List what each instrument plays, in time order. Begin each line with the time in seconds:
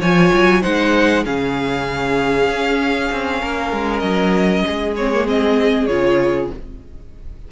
0.00 cello F3, viola F4, violin C#5 G#5
0.34 cello F#3
0.62 cello G#3, viola D#4, violin C5 F#5
1.25 cello C#3, viola C#4, violin G#4 F5
2.49 cello C#4
3.12 cello C4
3.41 cello A#3, violin A#4
3.73 cello G#3
3.99 cello F#3, violin D#5
4.66 cello G#3, violin G#4
4.97 viola C4, violin C#5
5.14 viola A#3
5.27 viola C4, violin D#5
5.87 cello C#3, viola F4, violin C#5